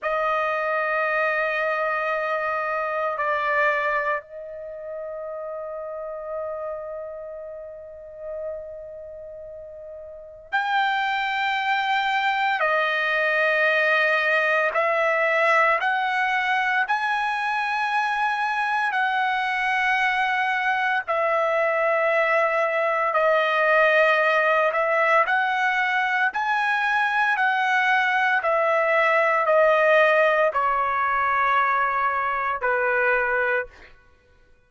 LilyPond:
\new Staff \with { instrumentName = "trumpet" } { \time 4/4 \tempo 4 = 57 dis''2. d''4 | dis''1~ | dis''2 g''2 | dis''2 e''4 fis''4 |
gis''2 fis''2 | e''2 dis''4. e''8 | fis''4 gis''4 fis''4 e''4 | dis''4 cis''2 b'4 | }